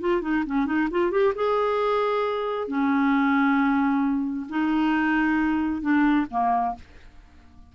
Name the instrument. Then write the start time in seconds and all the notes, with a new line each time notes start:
clarinet
0.00 F4
0.21 D#4
0.46 C#4
0.66 D#4
0.91 F4
1.11 G4
1.35 G#4
2.68 C#4
4.49 D#4
5.81 D4
6.30 A#3